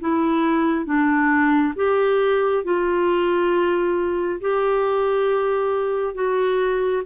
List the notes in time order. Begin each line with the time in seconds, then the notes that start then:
0.00 E4
0.85 D4
1.76 G4
2.64 F4
4.41 G4
6.14 F#4